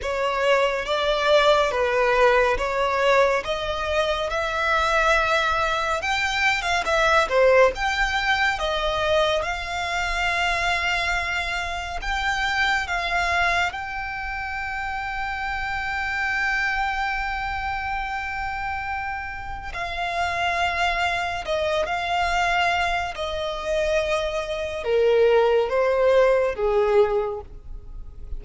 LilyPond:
\new Staff \with { instrumentName = "violin" } { \time 4/4 \tempo 4 = 70 cis''4 d''4 b'4 cis''4 | dis''4 e''2 g''8. f''16 | e''8 c''8 g''4 dis''4 f''4~ | f''2 g''4 f''4 |
g''1~ | g''2. f''4~ | f''4 dis''8 f''4. dis''4~ | dis''4 ais'4 c''4 gis'4 | }